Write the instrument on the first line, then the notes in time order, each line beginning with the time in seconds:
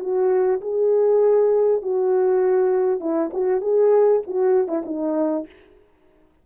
horn
0.00 F#4
0.61 G#4
1.82 F#4
3.01 E4
3.33 F#4
3.61 G#4
4.27 F#4
4.68 E4
4.86 D#4